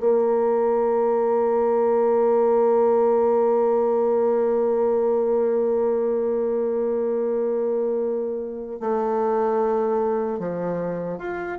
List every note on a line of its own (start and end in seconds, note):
0.00 8.80 A#3
8.80 10.39 A3
10.39 11.18 F3
11.18 11.58 F4